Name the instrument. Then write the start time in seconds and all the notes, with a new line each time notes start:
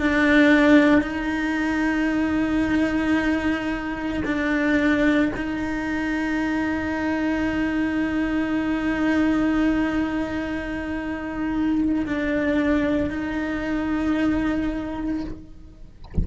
cello
0.00 D4
1.02 D#4
4.25 D4
5.37 D#4
12.06 D4
13.11 D#4